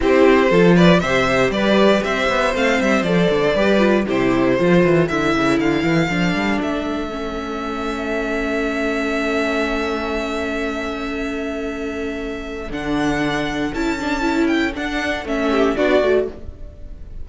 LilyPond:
<<
  \new Staff \with { instrumentName = "violin" } { \time 4/4 \tempo 4 = 118 c''4. d''8 e''4 d''4 | e''4 f''8 e''8 d''2 | c''2 e''4 f''4~ | f''4 e''2.~ |
e''1~ | e''1~ | e''4 fis''2 a''4~ | a''8 g''8 fis''4 e''4 d''4 | }
  \new Staff \with { instrumentName = "violin" } { \time 4/4 g'4 a'8 b'8 c''4 b'4 | c''2. b'4 | g'4 a'2.~ | a'1~ |
a'1~ | a'1~ | a'1~ | a'2~ a'8 g'8 fis'4 | }
  \new Staff \with { instrumentName = "viola" } { \time 4/4 e'4 f'4 g'2~ | g'4 c'4 a'4 g'8 f'8 | e'4 f'4 e'2 | d'2 cis'2~ |
cis'1~ | cis'1~ | cis'4 d'2 e'8 d'8 | e'4 d'4 cis'4 d'8 fis'8 | }
  \new Staff \with { instrumentName = "cello" } { \time 4/4 c'4 f4 c4 g4 | c'8 b8 a8 g8 f8 d8 g4 | c4 f8 e8 d8 cis8 d8 e8 | f8 g8 a2.~ |
a1~ | a1~ | a4 d2 cis'4~ | cis'4 d'4 a4 b8 a8 | }
>>